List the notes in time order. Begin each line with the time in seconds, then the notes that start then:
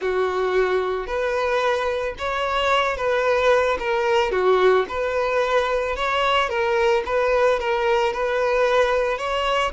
0.01 F#4
1.06 B4
2.18 C#5
2.96 B4
3.79 A#4
4.31 F#4
4.88 B4
5.96 C#5
6.49 A#4
7.05 B4
7.59 A#4
8.13 B4
9.17 C#5